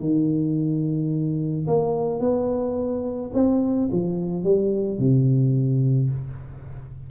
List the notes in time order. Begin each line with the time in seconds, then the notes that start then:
0.00 D#3
1.67 A#3
2.20 B3
3.34 C4
3.92 F3
4.44 G3
4.98 C3